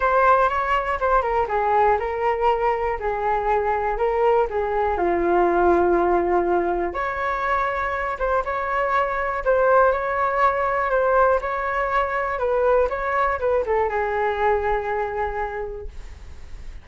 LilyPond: \new Staff \with { instrumentName = "flute" } { \time 4/4 \tempo 4 = 121 c''4 cis''4 c''8 ais'8 gis'4 | ais'2 gis'2 | ais'4 gis'4 f'2~ | f'2 cis''2~ |
cis''8 c''8 cis''2 c''4 | cis''2 c''4 cis''4~ | cis''4 b'4 cis''4 b'8 a'8 | gis'1 | }